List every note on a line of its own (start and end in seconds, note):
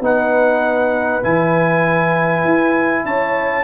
0.00 1.21 B3
0.00 1.23 D#4
0.00 3.05 B4
0.00 1.23 F#5
1.23 2.44 E3
1.23 3.64 E4
1.23 3.05 G#5
2.44 3.05 E4
3.05 3.64 C#4
3.05 3.64 C#5
3.05 3.64 A5